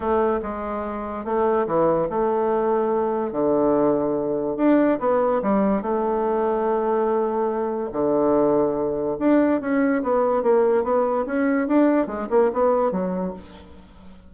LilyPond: \new Staff \with { instrumentName = "bassoon" } { \time 4/4 \tempo 4 = 144 a4 gis2 a4 | e4 a2. | d2. d'4 | b4 g4 a2~ |
a2. d4~ | d2 d'4 cis'4 | b4 ais4 b4 cis'4 | d'4 gis8 ais8 b4 fis4 | }